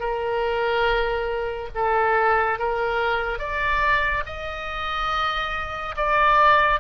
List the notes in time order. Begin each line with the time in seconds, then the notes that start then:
0.00 A#4
1.75 A4
2.59 A#4
3.39 D5
4.26 D#5
5.97 D5